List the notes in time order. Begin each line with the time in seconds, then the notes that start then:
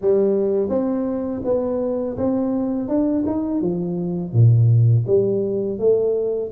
0.01 G3
0.69 C4
1.44 B3
2.17 C4
2.88 D4
3.26 D#4
3.61 F3
4.32 A#2
5.06 G3
5.78 A3